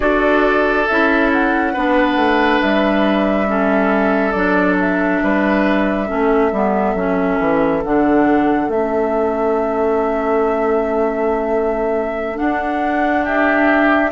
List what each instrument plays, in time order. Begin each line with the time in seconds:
0.00 bassoon D4, clarinet F#4, oboe A4, flute D5
0.87 bassoon C#4, clarinet E4, flute E5
1.32 flute F#5
1.73 bassoon B3, clarinet D4, oboe B4
2.16 bassoon A3
2.61 bassoon G3, flute E5
3.46 clarinet C#4, oboe A4
4.31 bassoon F#3, clarinet D4, flute D5
4.79 flute E5
5.22 bassoon G3, oboe B4
6.07 bassoon A3, clarinet C#4, oboe A4
6.52 bassoon G3, clarinet B3
6.95 bassoon F#3, clarinet C#4
7.39 bassoon E3
7.83 bassoon D3, clarinet D4, flute F#5
8.68 bassoon A3, clarinet C#4, flute E5
12.36 clarinet D4, bassoon D4, flute F#5
13.23 oboe G4, flute E5